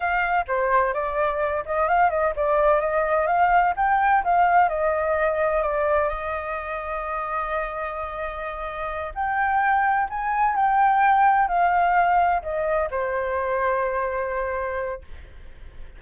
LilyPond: \new Staff \with { instrumentName = "flute" } { \time 4/4 \tempo 4 = 128 f''4 c''4 d''4. dis''8 | f''8 dis''8 d''4 dis''4 f''4 | g''4 f''4 dis''2 | d''4 dis''2.~ |
dis''2.~ dis''8 g''8~ | g''4. gis''4 g''4.~ | g''8 f''2 dis''4 c''8~ | c''1 | }